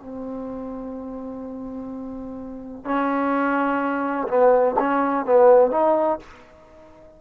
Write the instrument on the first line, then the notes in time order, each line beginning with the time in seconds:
trombone
0.00 C4
2.85 C#4
4.28 B3
4.79 C#4
5.26 B3
5.71 D#4